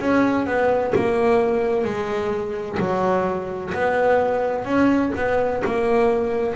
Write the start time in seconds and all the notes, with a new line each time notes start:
0.00 C#4
0.46 B3
0.95 A#3
1.84 G#3
2.80 F#3
3.74 B3
4.65 C#4
5.16 B3
5.65 A#3